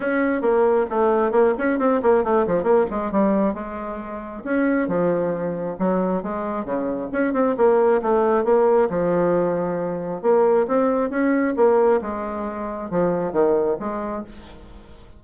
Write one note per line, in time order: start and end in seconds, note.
0.00 0.41 C#4
0.41 0.86 A#3
0.89 1.31 A3
1.31 1.53 A#3
1.58 1.78 C#4
1.78 2.01 C4
2.02 2.24 A#3
2.24 2.46 A3
2.46 2.63 F3
2.63 2.85 A#3
2.90 3.11 G#3
3.11 3.54 G3
3.54 4.43 G#3
4.44 4.88 C#4
4.88 5.77 F3
5.79 6.22 F#3
6.22 6.64 G#3
6.64 7.09 C#3
7.12 7.33 C#4
7.33 7.55 C4
7.57 8.01 A#3
8.02 8.44 A3
8.44 8.88 A#3
8.89 10.21 F3
10.21 10.66 A#3
10.67 11.09 C4
11.09 11.54 C#4
11.56 12.01 A#3
12.01 12.90 G#3
12.90 13.32 F3
13.32 13.77 D#3
13.79 14.24 G#3